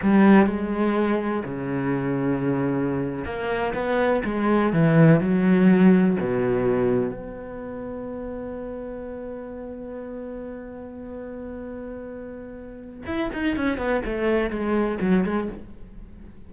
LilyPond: \new Staff \with { instrumentName = "cello" } { \time 4/4 \tempo 4 = 124 g4 gis2 cis4~ | cis2~ cis8. ais4 b16~ | b8. gis4 e4 fis4~ fis16~ | fis8. b,2 b4~ b16~ |
b1~ | b1~ | b2. e'8 dis'8 | cis'8 b8 a4 gis4 fis8 gis8 | }